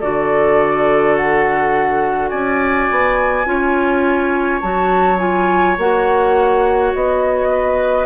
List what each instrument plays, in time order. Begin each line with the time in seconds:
0.00 bassoon D3, clarinet F#4, oboe A4, flute D5
1.16 flute F#5
2.29 bassoon C#4, oboe D5, flute G#5
2.91 bassoon B3
3.45 bassoon C#4, clarinet F4, oboe C#5
4.61 bassoon F#3, clarinet F#4, flute A5
5.19 clarinet F4, flute G#5
5.77 bassoon A#3, clarinet F#4, flute F#5
6.95 bassoon B3, flute D#5
7.49 oboe B4